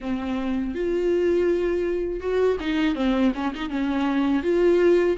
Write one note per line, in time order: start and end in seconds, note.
0.00 0.74 C4
0.74 2.20 F4
2.20 2.57 F#4
2.60 2.95 D#4
2.95 3.32 C4
3.34 3.53 C#4
3.54 3.69 D#4
3.69 4.42 C#4
4.42 5.16 F4